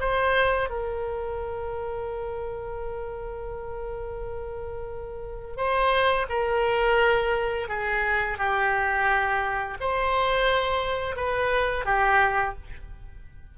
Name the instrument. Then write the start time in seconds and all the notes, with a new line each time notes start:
oboe
0.00 C5
0.69 A#4
5.57 C5
6.29 A#4
7.69 G#4
8.38 G4
9.80 C5
11.16 B4
11.85 G4